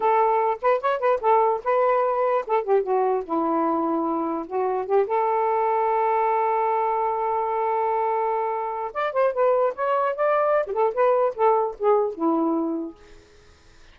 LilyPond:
\new Staff \with { instrumentName = "saxophone" } { \time 4/4 \tempo 4 = 148 a'4. b'8 cis''8 b'8 a'4 | b'2 a'8 g'8 fis'4 | e'2. fis'4 | g'8 a'2.~ a'8~ |
a'1~ | a'2 d''8 c''8 b'4 | cis''4 d''4~ d''16 g'16 a'8 b'4 | a'4 gis'4 e'2 | }